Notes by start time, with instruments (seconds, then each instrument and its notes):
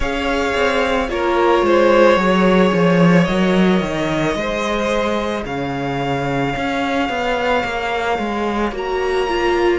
0.00 cello C#4, viola G#4, violin C#5 F5
0.55 cello C4
1.08 cello A#3, viola F4, violin A#4 C#5
1.62 cello G#3, violin C5
2.16 cello F#3, viola G#4, violin C#5
2.73 cello F3
3.25 cello F#3, viola A#4, violin D#5
3.81 cello D#3
4.35 cello G#3, viola G#4, violin C5
5.45 cello C#3, violin C#5 F5
6.56 cello C#4
7.09 cello B3
7.63 cello A#3
8.18 cello G#3
8.71 cello A#3, viola F#4, violin A#5
9.28 viola F4